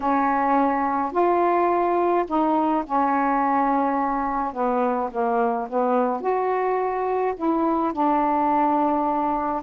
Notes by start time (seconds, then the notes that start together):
0.00 C#4
1.12 F4
2.27 D#4
2.85 C#4
4.53 B3
5.11 A#3
5.69 B3
6.21 F#4
7.36 E4
7.92 D4